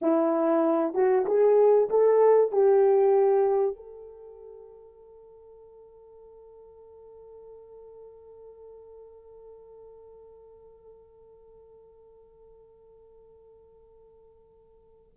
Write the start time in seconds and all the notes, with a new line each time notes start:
0.01 E4
0.94 F#4
1.26 G#4
1.89 A4
2.51 G4
3.76 A4